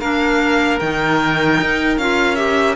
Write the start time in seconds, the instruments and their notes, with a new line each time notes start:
0.00 cello A#3, clarinet D4, oboe A#4, violin F5
0.79 cello D#3, clarinet D#4, violin G5
1.61 cello D#4
1.98 cello C#4, clarinet F4, violin F5
2.36 clarinet G4, violin E5